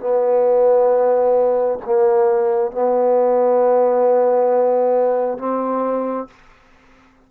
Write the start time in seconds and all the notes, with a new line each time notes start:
0.00 B3
1.86 A#3
2.72 B3
5.38 C4